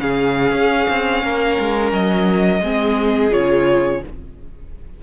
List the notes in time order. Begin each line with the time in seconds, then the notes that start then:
0.00 C#3 C#4 G#4 F5
0.52 C#4
0.90 C4
1.24 A#3 A#4
1.60 G#3
1.93 F#3 D#5
2.61 G#3 C4 G#4
3.31 C#3 F4 C#5